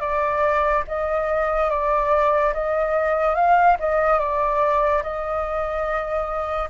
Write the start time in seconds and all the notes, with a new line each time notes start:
0.00 D5
0.87 D#5
1.70 D5
2.54 D#5
3.35 F5
3.80 D#5
4.19 D5
5.03 D#5